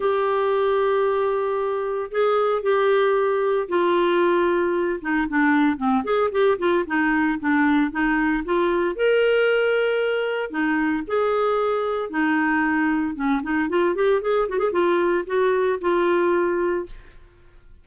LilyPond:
\new Staff \with { instrumentName = "clarinet" } { \time 4/4 \tempo 4 = 114 g'1 | gis'4 g'2 f'4~ | f'4. dis'8 d'4 c'8 gis'8 | g'8 f'8 dis'4 d'4 dis'4 |
f'4 ais'2. | dis'4 gis'2 dis'4~ | dis'4 cis'8 dis'8 f'8 g'8 gis'8 fis'16 gis'16 | f'4 fis'4 f'2 | }